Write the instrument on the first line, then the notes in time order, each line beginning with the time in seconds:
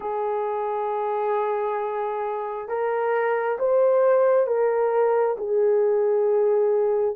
horn
0.00 G#4
2.68 A#4
3.59 C5
4.47 A#4
5.37 G#4